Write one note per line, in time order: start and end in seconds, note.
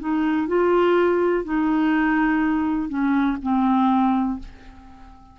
0.00 0.48 D#4
0.48 1.45 F4
1.45 2.89 D#4
2.89 3.37 C#4
3.43 4.39 C4